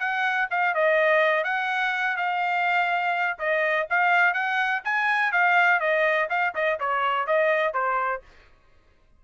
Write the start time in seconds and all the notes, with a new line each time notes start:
0.00 F#5
0.51 F5
0.75 D#5
1.44 F#5
2.17 F5
3.39 D#5
3.90 F5
4.34 F#5
4.85 G#5
5.32 F5
5.80 D#5
6.30 F5
6.55 D#5
6.80 C#5
7.27 D#5
7.74 C5